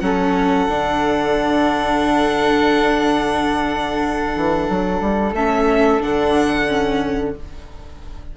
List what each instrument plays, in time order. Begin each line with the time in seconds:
0.00 bassoon F#3, viola C#4, flute A4, violin F#5
0.68 bassoon D3, viola D4
4.36 bassoon E3
4.69 bassoon F#3
5.01 bassoon G3
5.33 bassoon A3, viola C#4, violin E5
6.00 bassoon D3, viola D4, violin F#5
6.68 viola C#4